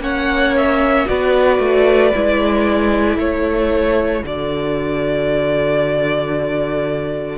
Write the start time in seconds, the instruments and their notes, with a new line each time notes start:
0.00 cello A#3, viola C#4, violin C#5 F#5
0.57 violin E5
1.06 cello B3, viola F#4, violin B4 D5
1.59 cello A3
2.14 cello G#3, viola E4
3.18 cello A3, violin A4 C#5
4.24 cello D3, viola F#4, violin D5